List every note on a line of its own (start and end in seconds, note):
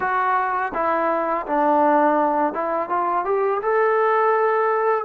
0.00 0.72 F#4
0.74 1.46 E4
1.46 2.53 D4
2.53 2.89 E4
2.89 3.25 F4
3.25 3.61 G4
3.62 5.04 A4